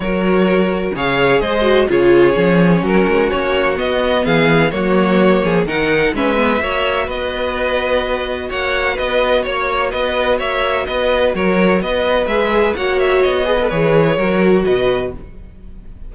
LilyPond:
<<
  \new Staff \with { instrumentName = "violin" } { \time 4/4 \tempo 4 = 127 cis''2 f''4 dis''4 | cis''2 ais'4 cis''4 | dis''4 f''4 cis''2 | fis''4 e''2 dis''4~ |
dis''2 fis''4 dis''4 | cis''4 dis''4 e''4 dis''4 | cis''4 dis''4 e''4 fis''8 e''8 | dis''4 cis''2 dis''4 | }
  \new Staff \with { instrumentName = "violin" } { \time 4/4 ais'2 cis''4 c''4 | gis'2 fis'2~ | fis'4 gis'4 fis'4. gis'8 | ais'4 b'4 cis''4 b'4~ |
b'2 cis''4 b'4 | cis''4 b'4 cis''4 b'4 | ais'4 b'2 cis''4~ | cis''8 b'4. ais'4 b'4 | }
  \new Staff \with { instrumentName = "viola" } { \time 4/4 fis'2 gis'4. fis'8 | f'4 cis'2. | b2 ais2 | dis'4 cis'8 b8 fis'2~ |
fis'1~ | fis'1~ | fis'2 gis'4 fis'4~ | fis'8 gis'16 a'16 gis'4 fis'2 | }
  \new Staff \with { instrumentName = "cello" } { \time 4/4 fis2 cis4 gis4 | cis4 f4 fis8 gis8 ais4 | b4 e4 fis4. f8 | dis4 gis4 ais4 b4~ |
b2 ais4 b4 | ais4 b4 ais4 b4 | fis4 b4 gis4 ais4 | b4 e4 fis4 b,4 | }
>>